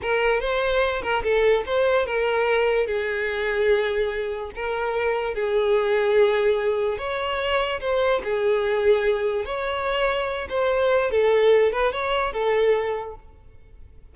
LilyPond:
\new Staff \with { instrumentName = "violin" } { \time 4/4 \tempo 4 = 146 ais'4 c''4. ais'8 a'4 | c''4 ais'2 gis'4~ | gis'2. ais'4~ | ais'4 gis'2.~ |
gis'4 cis''2 c''4 | gis'2. cis''4~ | cis''4. c''4. a'4~ | a'8 b'8 cis''4 a'2 | }